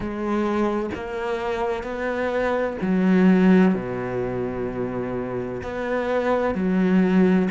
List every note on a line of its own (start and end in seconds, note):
0.00 0.89 G#3
0.94 1.83 A#3
1.83 2.77 B3
2.81 3.74 F#3
3.74 5.61 B2
5.62 6.55 B3
6.55 7.48 F#3